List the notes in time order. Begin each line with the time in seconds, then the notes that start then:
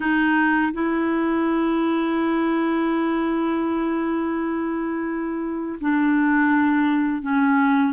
0.00 D#4
0.73 E4
5.80 D4
7.22 C#4